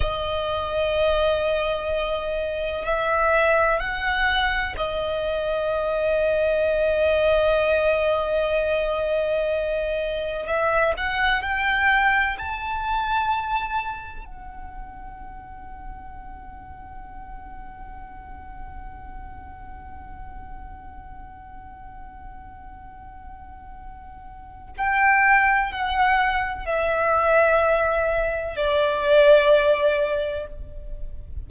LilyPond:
\new Staff \with { instrumentName = "violin" } { \time 4/4 \tempo 4 = 63 dis''2. e''4 | fis''4 dis''2.~ | dis''2. e''8 fis''8 | g''4 a''2 fis''4~ |
fis''1~ | fis''1~ | fis''2 g''4 fis''4 | e''2 d''2 | }